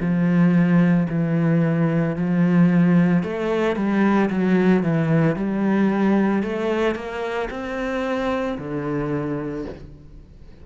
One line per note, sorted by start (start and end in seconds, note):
0.00 1.07 F3
1.09 2.16 E3
2.16 3.23 F3
3.23 3.76 A3
3.76 4.30 G3
4.30 4.83 F#3
4.83 5.36 E3
5.36 6.43 G3
6.43 6.95 A3
6.95 7.49 A#3
7.50 8.58 C4
8.58 9.65 D3